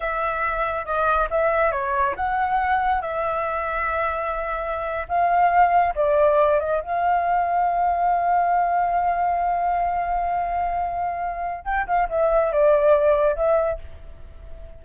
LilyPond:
\new Staff \with { instrumentName = "flute" } { \time 4/4 \tempo 4 = 139 e''2 dis''4 e''4 | cis''4 fis''2 e''4~ | e''2.~ e''8. f''16~ | f''4.~ f''16 d''4. dis''8 f''16~ |
f''1~ | f''1~ | f''2. g''8 f''8 | e''4 d''2 e''4 | }